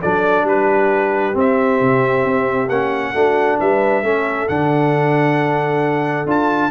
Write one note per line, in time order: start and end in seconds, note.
0.00 0.43 F#3
0.00 1.33 D4
0.00 0.45 A4
0.00 0.46 D5
0.43 1.32 G3
0.43 3.13 G4
0.43 1.37 B4
1.33 2.68 C4
1.33 1.80 C4
1.33 2.69 E5
1.80 2.24 C3
2.24 2.69 C4
2.69 3.13 A#3
2.69 3.14 C#4
2.69 3.59 F#5
3.13 3.58 A3
3.13 4.03 D4
3.13 3.58 F#4
3.59 4.02 G3
3.59 4.03 B4
3.59 4.48 E5
4.02 4.47 A3
4.02 4.48 C#4
4.02 6.71 A4
4.48 6.26 D3
4.48 6.26 D4
4.48 6.27 F#5
6.26 6.70 D4
6.26 6.71 F4
6.26 6.71 A5